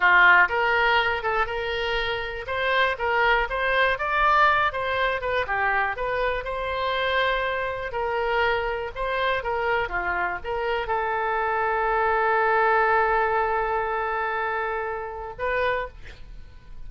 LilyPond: \new Staff \with { instrumentName = "oboe" } { \time 4/4 \tempo 4 = 121 f'4 ais'4. a'8 ais'4~ | ais'4 c''4 ais'4 c''4 | d''4. c''4 b'8 g'4 | b'4 c''2. |
ais'2 c''4 ais'4 | f'4 ais'4 a'2~ | a'1~ | a'2. b'4 | }